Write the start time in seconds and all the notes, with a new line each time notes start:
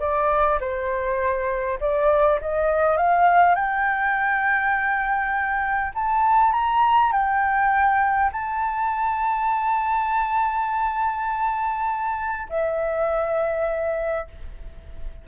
0.00 D5
0.60 C5
1.80 D5
2.41 D#5
2.97 F5
3.55 G5
5.95 A5
6.53 A#5
7.12 G5
8.32 A5
12.49 E5